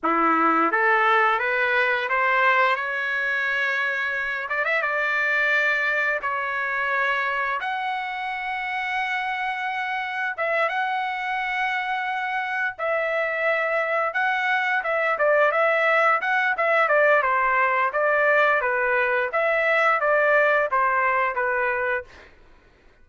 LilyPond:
\new Staff \with { instrumentName = "trumpet" } { \time 4/4 \tempo 4 = 87 e'4 a'4 b'4 c''4 | cis''2~ cis''8 d''16 e''16 d''4~ | d''4 cis''2 fis''4~ | fis''2. e''8 fis''8~ |
fis''2~ fis''8 e''4.~ | e''8 fis''4 e''8 d''8 e''4 fis''8 | e''8 d''8 c''4 d''4 b'4 | e''4 d''4 c''4 b'4 | }